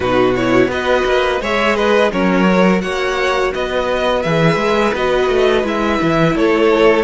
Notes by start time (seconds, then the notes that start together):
0.00 B2 D#4 F#4 B4
0.35 E4 C#5
0.67 B3 F#4 B4 D#5
1.05 A#3
1.40 G#3 G#4 C#5 E5
1.75 B4 D#5
2.11 F#3 C#4 A#4 C#5
2.46 F#4
2.81 A#3 C#5 F#5
3.54 B3 B4 D#5
4.22 E3 G#4 E5
4.56 G#3
4.94 B3 F#4 D#5
5.29 A3
5.63 G#3 E4 E5
6.01 E3
6.34 A3 A4 C#5